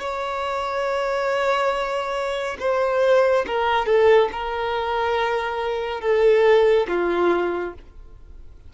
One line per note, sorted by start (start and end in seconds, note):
0.00 2.57 C#5
2.59 3.45 C5
3.47 3.86 A#4
3.86 4.29 A4
4.32 6.01 A#4
6.01 6.87 A4
6.88 7.74 F4